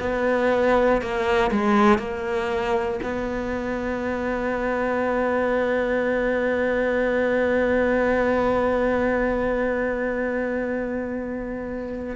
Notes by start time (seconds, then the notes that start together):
0.00 B3
1.02 A#3
1.51 G#3
1.99 A#3
3.03 B3